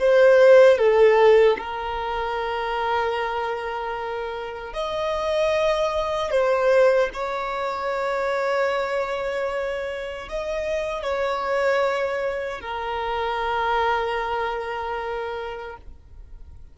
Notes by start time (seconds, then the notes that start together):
0.00 C5
0.78 A4
1.59 A#4
4.74 D#5
6.32 C5
7.14 C#5
10.29 D#5
11.03 C#5
12.61 A#4